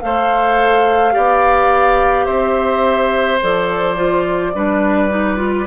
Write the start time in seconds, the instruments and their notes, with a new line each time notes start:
0.00 bassoon A3, clarinet A4, oboe C5, flute F5
1.11 bassoon B3, clarinet G4, oboe D5
2.25 bassoon C4, oboe C5, flute E5
3.42 bassoon F3, clarinet A4, flute D5
3.96 clarinet F4
4.54 bassoon G3, clarinet D4, oboe B4
5.09 clarinet D#4
5.36 clarinet F4